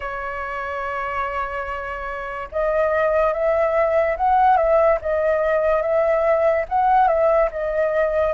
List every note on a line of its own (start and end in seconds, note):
0.00 2.48 C#5
2.51 3.33 D#5
3.33 4.16 E5
4.17 4.56 F#5
4.56 4.98 E5
5.01 5.81 D#5
5.81 6.65 E5
6.68 7.07 F#5
7.07 7.49 E5
7.51 8.33 D#5